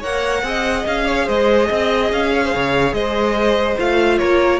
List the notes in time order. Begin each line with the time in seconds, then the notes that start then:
0.00 A#3 A#4 C#5 F#5
0.43 C4 G#4 D#5
0.86 C#4 F5
1.07 C#5
1.26 G#3 C5 D#5
1.68 C4 D#5
2.12 C#4 F5
2.34 C#5
2.45 C5
2.54 C#3 C#5
2.92 G#3 C5 D#5
3.78 A3 F4 F5
4.18 A#3 A#4 C#5